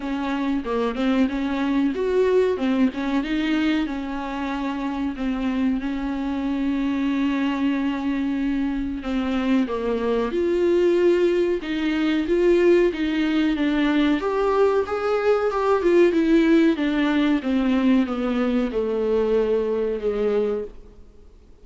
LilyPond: \new Staff \with { instrumentName = "viola" } { \time 4/4 \tempo 4 = 93 cis'4 ais8 c'8 cis'4 fis'4 | c'8 cis'8 dis'4 cis'2 | c'4 cis'2.~ | cis'2 c'4 ais4 |
f'2 dis'4 f'4 | dis'4 d'4 g'4 gis'4 | g'8 f'8 e'4 d'4 c'4 | b4 a2 gis4 | }